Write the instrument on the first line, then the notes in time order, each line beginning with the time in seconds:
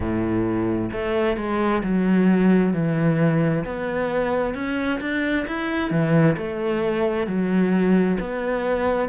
cello
0.00 A2
0.92 A3
1.36 G#3
1.83 F#3
2.73 E3
3.64 B3
4.54 C#4
5.00 D4
5.47 E4
5.90 E3
6.37 A3
7.26 F#3
8.20 B3